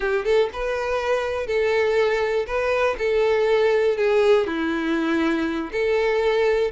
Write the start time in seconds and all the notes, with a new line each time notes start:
0.00 G4
0.24 A4
0.53 B4
1.47 A4
2.47 B4
2.98 A4
3.97 G#4
4.46 E4
5.72 A4